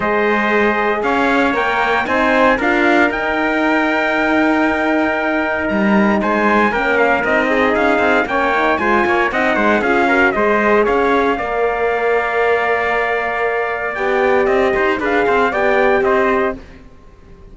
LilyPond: <<
  \new Staff \with { instrumentName = "trumpet" } { \time 4/4 \tempo 4 = 116 dis''2 f''4 g''4 | gis''4 f''4 g''2~ | g''2. ais''4 | gis''4 g''8 f''8 dis''4 f''4 |
g''4 gis''4 fis''4 f''4 | dis''4 f''2.~ | f''2. g''4 | dis''4 f''4 g''4 dis''4 | }
  \new Staff \with { instrumentName = "trumpet" } { \time 4/4 c''2 cis''2 | c''4 ais'2.~ | ais'1 | c''4 ais'4. gis'4. |
cis''4 c''8 cis''8 dis''8 c''8 gis'8 ais'8 | c''4 cis''4 d''2~ | d''1~ | d''8 c''8 b'8 c''8 d''4 c''4 | }
  \new Staff \with { instrumentName = "horn" } { \time 4/4 gis'2. ais'4 | dis'4 f'4 dis'2~ | dis'1~ | dis'4 cis'4 dis'2 |
cis'8 dis'8 f'4 dis'4 f'8 fis'8 | gis'2 ais'2~ | ais'2. g'4~ | g'4 gis'4 g'2 | }
  \new Staff \with { instrumentName = "cello" } { \time 4/4 gis2 cis'4 ais4 | c'4 d'4 dis'2~ | dis'2. g4 | gis4 ais4 c'4 cis'8 c'8 |
ais4 gis8 ais8 c'8 gis8 cis'4 | gis4 cis'4 ais2~ | ais2. b4 | c'8 dis'8 d'8 c'8 b4 c'4 | }
>>